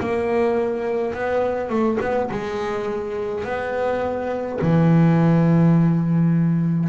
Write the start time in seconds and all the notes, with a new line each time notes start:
0.00 A#3
1.14 B3
1.70 A3
2.01 B3
2.31 G#3
3.45 B3
4.62 E3